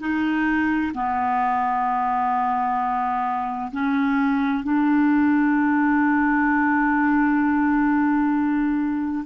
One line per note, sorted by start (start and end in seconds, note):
0.00 0.92 D#4
0.94 3.71 B3
3.72 4.64 C#4
4.64 9.25 D4